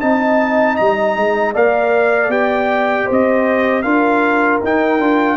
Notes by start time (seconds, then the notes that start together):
0.00 C4 D#4 D#5 A5
0.76 G3 A#5
1.16 G#3
1.53 A#3 A#4 D5 F5
2.28 B3 G4 G5
3.06 C4 C5
3.12 D#5
3.82 D4 F4 A#4 F5
4.63 D#4 G5
4.99 D4 F4